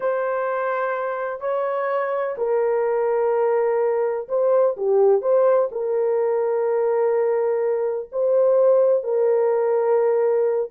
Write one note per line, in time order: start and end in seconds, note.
0.00 1.40 C5
1.40 2.35 C#5
2.37 4.28 A#4
4.28 4.76 C5
4.77 5.21 G4
5.21 5.69 C5
5.71 8.09 A#4
8.12 9.03 C5
9.03 10.70 A#4